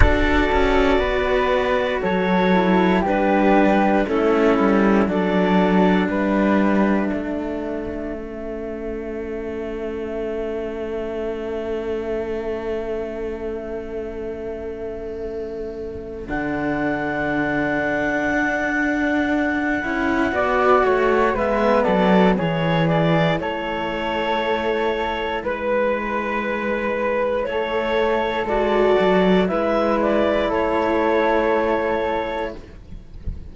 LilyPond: <<
  \new Staff \with { instrumentName = "clarinet" } { \time 4/4 \tempo 4 = 59 d''2 cis''4 b'4 | a'4 d''4 e''2~ | e''1~ | e''1 |
fis''1~ | fis''4 e''8 d''8 cis''8 d''8 cis''4~ | cis''4 b'2 cis''4 | d''4 e''8 d''8 cis''2 | }
  \new Staff \with { instrumentName = "flute" } { \time 4/4 a'4 b'4 a'4 g'4 | e'4 a'4 b'4 a'4~ | a'1~ | a'1~ |
a'1 | d''8 cis''8 b'8 a'8 gis'4 a'4~ | a'4 b'2 a'4~ | a'4 b'4 a'2 | }
  \new Staff \with { instrumentName = "cello" } { \time 4/4 fis'2~ fis'8 e'8 d'4 | cis'4 d'2. | cis'1~ | cis'1 |
d'2.~ d'8 e'8 | fis'4 b4 e'2~ | e'1 | fis'4 e'2. | }
  \new Staff \with { instrumentName = "cello" } { \time 4/4 d'8 cis'8 b4 fis4 g4 | a8 g8 fis4 g4 a4~ | a1~ | a1 |
d2 d'4. cis'8 | b8 a8 gis8 fis8 e4 a4~ | a4 gis2 a4 | gis8 fis8 gis4 a2 | }
>>